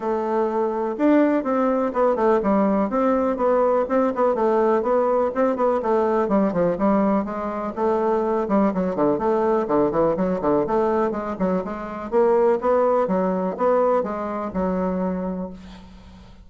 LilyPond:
\new Staff \with { instrumentName = "bassoon" } { \time 4/4 \tempo 4 = 124 a2 d'4 c'4 | b8 a8 g4 c'4 b4 | c'8 b8 a4 b4 c'8 b8 | a4 g8 f8 g4 gis4 |
a4. g8 fis8 d8 a4 | d8 e8 fis8 d8 a4 gis8 fis8 | gis4 ais4 b4 fis4 | b4 gis4 fis2 | }